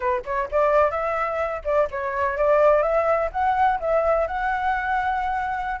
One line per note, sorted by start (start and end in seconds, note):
0.00 0.23 B4
0.25 0.49 C#5
0.51 0.91 D5
0.91 1.61 E5
1.64 1.88 D5
1.90 2.37 C#5
2.37 2.82 D5
2.82 3.29 E5
3.32 3.79 F#5
3.79 4.27 E5
4.27 5.80 F#5